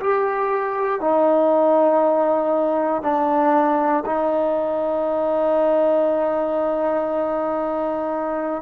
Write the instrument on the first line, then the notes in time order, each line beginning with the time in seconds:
trombone
0.00 G4
1.00 D#4
3.02 D4
4.05 D#4